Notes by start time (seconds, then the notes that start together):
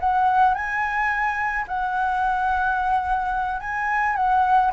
0.00 F#5
0.55 G#5
1.68 F#5
3.61 G#5
4.16 F#5